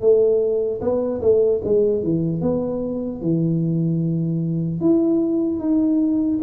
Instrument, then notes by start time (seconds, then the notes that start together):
tuba
0.00 A3
0.81 B3
1.21 A3
1.64 G#3
2.03 E3
2.41 B3
3.21 E3
4.80 E4
5.59 D#4